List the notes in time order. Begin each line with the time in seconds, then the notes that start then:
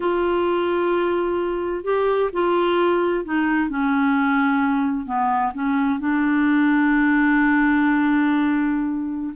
0.00 F4
1.84 G4
2.32 F4
3.24 D#4
3.69 C#4
5.06 B3
5.53 C#4
5.99 D4